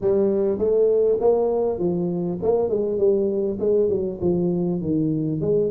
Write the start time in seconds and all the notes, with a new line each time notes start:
0.01 G3
0.58 A3
1.20 A#3
1.78 F3
2.42 A#3
2.69 G#3
2.98 G3
3.59 G#3
3.89 F#3
4.21 F3
4.81 D#3
5.40 G#3